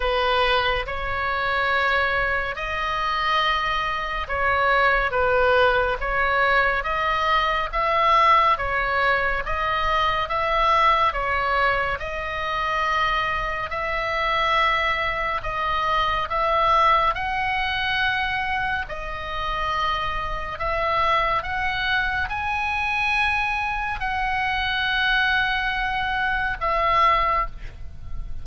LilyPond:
\new Staff \with { instrumentName = "oboe" } { \time 4/4 \tempo 4 = 70 b'4 cis''2 dis''4~ | dis''4 cis''4 b'4 cis''4 | dis''4 e''4 cis''4 dis''4 | e''4 cis''4 dis''2 |
e''2 dis''4 e''4 | fis''2 dis''2 | e''4 fis''4 gis''2 | fis''2. e''4 | }